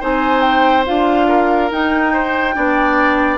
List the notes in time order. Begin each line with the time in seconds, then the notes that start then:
0.00 C4 D#4 C5 G#5
0.41 G5
0.85 D4 F4 F5
1.28 A#4
1.71 D#4 G5
2.13 C5
2.55 B3 D4 D5